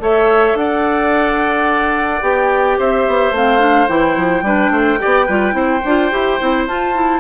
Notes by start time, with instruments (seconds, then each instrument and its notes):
0.00 bassoon A3, clarinet A4, oboe C#5, flute E5
0.55 bassoon D4, oboe D5, flute F#5
2.22 bassoon B3, clarinet G4, flute G5
2.78 bassoon C4, oboe C5, flute E5
3.08 bassoon B3
3.31 bassoon A3, clarinet C4, flute F5
3.59 clarinet D4
3.88 bassoon E3, clarinet E4, flute G5
4.17 bassoon F3
4.42 bassoon G3, clarinet D4, oboe B4
4.71 bassoon A3, oboe C5
4.99 bassoon B3, clarinet G4, oboe D5
5.26 bassoon G3, clarinet F4, oboe B4
5.52 bassoon C4, clarinet E4, oboe C5
5.85 bassoon D4, clarinet F4
6.11 bassoon E4, clarinet G4
6.41 bassoon C4, clarinet E4
6.67 bassoon F4, clarinet F4, flute A5
6.95 clarinet E4